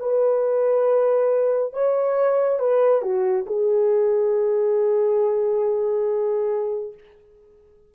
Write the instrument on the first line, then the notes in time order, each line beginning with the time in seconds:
horn
0.00 B4
1.74 C#5
2.59 B4
3.02 F#4
3.47 G#4